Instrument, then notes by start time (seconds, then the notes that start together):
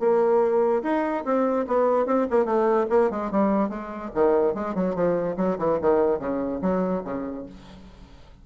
bassoon
0.00 A#3
0.83 D#4
1.25 C4
1.68 B3
2.07 C4
2.31 A#3
2.45 A3
2.90 A#3
3.11 G#3
3.32 G3
3.70 G#3
4.15 D#3
4.55 G#3
4.75 F#3
4.96 F3
5.37 F#3
5.59 E3
5.82 D#3
6.20 C#3
6.62 F#3
7.05 C#3